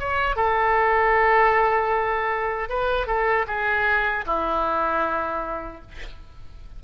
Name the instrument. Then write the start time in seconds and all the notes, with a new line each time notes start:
oboe
0.00 C#5
0.36 A4
2.70 B4
3.07 A4
3.47 G#4
4.26 E4